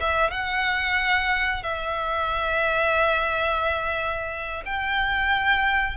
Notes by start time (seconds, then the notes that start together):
0.00 E5
0.31 F#5
1.63 E5
4.65 G5